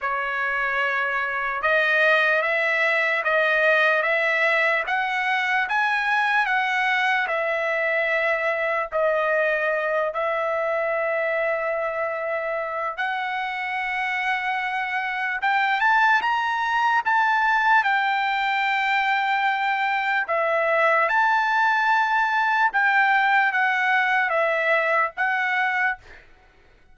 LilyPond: \new Staff \with { instrumentName = "trumpet" } { \time 4/4 \tempo 4 = 74 cis''2 dis''4 e''4 | dis''4 e''4 fis''4 gis''4 | fis''4 e''2 dis''4~ | dis''8 e''2.~ e''8 |
fis''2. g''8 a''8 | ais''4 a''4 g''2~ | g''4 e''4 a''2 | g''4 fis''4 e''4 fis''4 | }